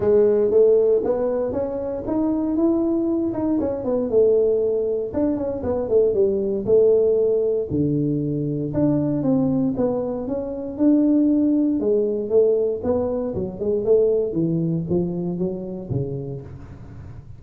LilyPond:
\new Staff \with { instrumentName = "tuba" } { \time 4/4 \tempo 4 = 117 gis4 a4 b4 cis'4 | dis'4 e'4. dis'8 cis'8 b8 | a2 d'8 cis'8 b8 a8 | g4 a2 d4~ |
d4 d'4 c'4 b4 | cis'4 d'2 gis4 | a4 b4 fis8 gis8 a4 | e4 f4 fis4 cis4 | }